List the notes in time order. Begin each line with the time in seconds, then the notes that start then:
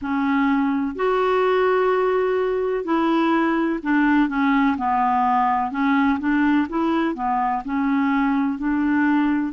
0.01 C#4
0.95 F#4
2.84 E4
3.82 D4
4.29 C#4
4.77 B3
5.71 C#4
6.19 D4
6.69 E4
7.14 B3
7.65 C#4
8.58 D4